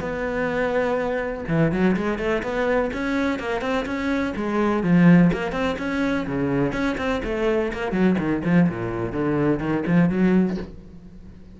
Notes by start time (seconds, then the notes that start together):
0.00 B3
1.47 E3
1.71 F#3
1.96 G#3
2.18 A3
2.42 B3
2.93 C#4
3.39 A#3
3.61 C4
3.85 C#4
4.35 G#3
4.83 F3
5.32 A#3
5.52 C4
5.78 C#4
6.26 C#3
6.72 C#4
6.97 C4
7.24 A3
7.73 A#3
7.91 F#3
8.18 D#3
8.44 F3
8.69 A#2
9.12 D3
9.59 D#3
9.86 F3
10.09 F#3